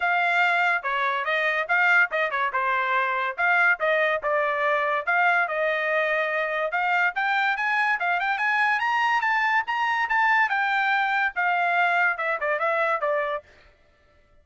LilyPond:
\new Staff \with { instrumentName = "trumpet" } { \time 4/4 \tempo 4 = 143 f''2 cis''4 dis''4 | f''4 dis''8 cis''8 c''2 | f''4 dis''4 d''2 | f''4 dis''2. |
f''4 g''4 gis''4 f''8 g''8 | gis''4 ais''4 a''4 ais''4 | a''4 g''2 f''4~ | f''4 e''8 d''8 e''4 d''4 | }